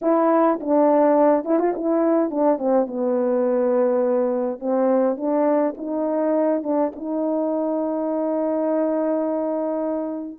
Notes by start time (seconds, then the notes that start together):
0.01 E4
0.60 D4
1.44 E4
1.59 F4
1.75 E4
2.30 D4
2.58 C4
2.86 B3
4.59 C4
5.16 D4
5.77 D#4
6.63 D4
6.95 D#4